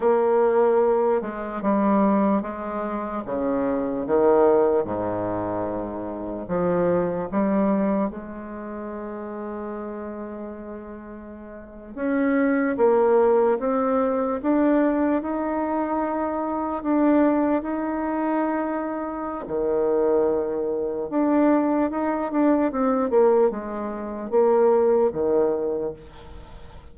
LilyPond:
\new Staff \with { instrumentName = "bassoon" } { \time 4/4 \tempo 4 = 74 ais4. gis8 g4 gis4 | cis4 dis4 gis,2 | f4 g4 gis2~ | gis2~ gis8. cis'4 ais16~ |
ais8. c'4 d'4 dis'4~ dis'16~ | dis'8. d'4 dis'2~ dis'16 | dis2 d'4 dis'8 d'8 | c'8 ais8 gis4 ais4 dis4 | }